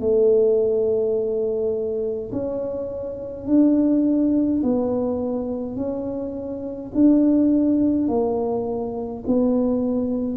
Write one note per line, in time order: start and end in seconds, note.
0.00 2.31 A3
2.32 3.47 C#4
3.47 4.62 D4
4.63 5.76 B3
5.76 6.92 C#4
6.94 8.08 D4
8.08 9.24 A#3
9.27 10.37 B3